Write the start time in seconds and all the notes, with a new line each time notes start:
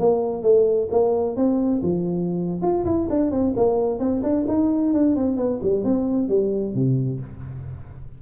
0.00 A#3
0.43 A3
0.91 A#3
1.36 C4
1.83 F3
2.62 F4
2.85 E4
3.10 D4
3.31 C4
3.56 A#3
4.00 C4
4.23 D4
4.48 D#4
4.94 D4
5.16 C4
5.37 B3
5.63 G3
5.84 C4
6.29 G3
6.75 C3